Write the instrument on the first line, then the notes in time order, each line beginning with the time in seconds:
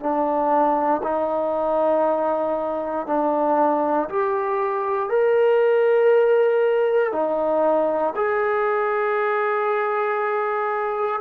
trombone
0.00 D4
1.03 D#4
3.07 D4
4.09 G4
5.09 A#4
7.12 D#4
8.16 G#4